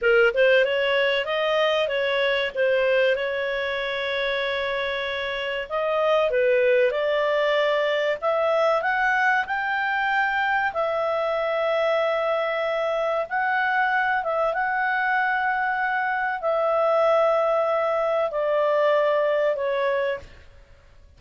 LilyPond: \new Staff \with { instrumentName = "clarinet" } { \time 4/4 \tempo 4 = 95 ais'8 c''8 cis''4 dis''4 cis''4 | c''4 cis''2.~ | cis''4 dis''4 b'4 d''4~ | d''4 e''4 fis''4 g''4~ |
g''4 e''2.~ | e''4 fis''4. e''8 fis''4~ | fis''2 e''2~ | e''4 d''2 cis''4 | }